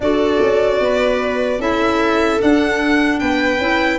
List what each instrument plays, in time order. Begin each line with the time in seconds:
0.00 tuba D4, clarinet F#4, viola A4, violin D5
0.42 tuba C#4
0.79 tuba B3, viola B4
1.59 tuba C#4, clarinet E4, viola A4, violin E5
2.39 clarinet D4, tuba D4, violin F#5
3.19 tuba B3, viola B4, violin G5
3.58 tuba C#4, clarinet E4